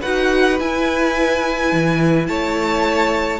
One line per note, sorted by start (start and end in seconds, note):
0.00 0.59 D#4
0.00 0.58 F#4
0.00 2.26 B4
0.00 0.58 F#5
0.59 1.72 E4
0.59 3.40 E4
0.59 2.27 G#5
1.72 2.28 E3
2.27 3.40 A3
2.27 3.40 C#5
2.27 3.40 A5